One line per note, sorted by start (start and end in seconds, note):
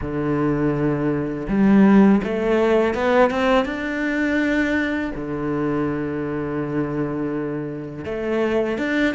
0.01 1.47 D3
1.48 2.22 G3
2.23 2.94 A3
2.94 3.30 B3
3.30 3.65 C4
3.65 5.11 D4
5.15 8.04 D3
8.04 8.77 A3
8.78 9.14 D4